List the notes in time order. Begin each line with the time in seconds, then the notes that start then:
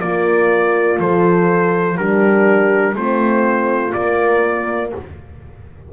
0.00 A#3 F4 A#4 D5
0.99 F3 A4 C5
1.95 G3 D4 G4 A#4
2.95 A3 C4 F4 C5
3.91 A#3 D5